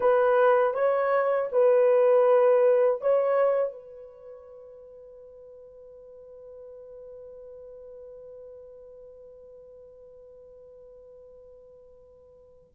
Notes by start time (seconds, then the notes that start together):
0.00 B4
0.73 C#5
1.51 B4
3.01 C#5
3.72 B4